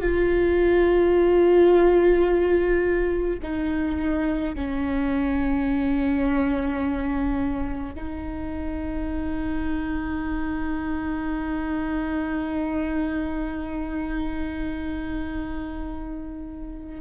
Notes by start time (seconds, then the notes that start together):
0.00 F4
3.43 D#4
4.55 C#4
7.95 D#4